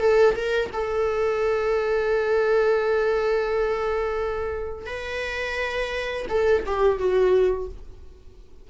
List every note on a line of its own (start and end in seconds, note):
0.00 0.35 A4
0.36 0.70 A#4
0.73 4.86 A4
4.86 6.26 B4
6.29 6.64 A4
6.67 6.98 G4
6.98 7.68 F#4